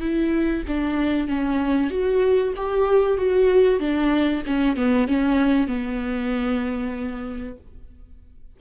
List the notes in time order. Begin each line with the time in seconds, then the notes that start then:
0.00 E4
0.68 D4
1.28 C#4
1.91 F#4
2.56 G4
3.18 F#4
3.80 D4
4.46 C#4
4.77 B3
5.08 C#4
5.68 B3